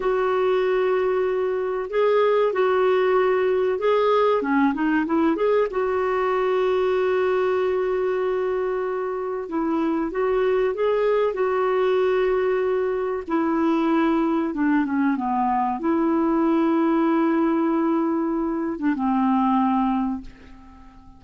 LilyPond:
\new Staff \with { instrumentName = "clarinet" } { \time 4/4 \tempo 4 = 95 fis'2. gis'4 | fis'2 gis'4 cis'8 dis'8 | e'8 gis'8 fis'2.~ | fis'2. e'4 |
fis'4 gis'4 fis'2~ | fis'4 e'2 d'8 cis'8 | b4 e'2.~ | e'4.~ e'16 d'16 c'2 | }